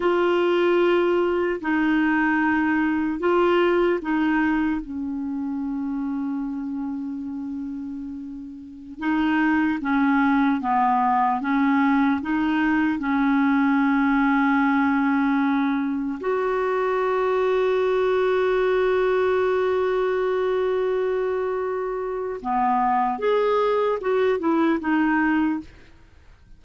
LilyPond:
\new Staff \with { instrumentName = "clarinet" } { \time 4/4 \tempo 4 = 75 f'2 dis'2 | f'4 dis'4 cis'2~ | cis'2.~ cis'16 dis'8.~ | dis'16 cis'4 b4 cis'4 dis'8.~ |
dis'16 cis'2.~ cis'8.~ | cis'16 fis'2.~ fis'8.~ | fis'1 | b4 gis'4 fis'8 e'8 dis'4 | }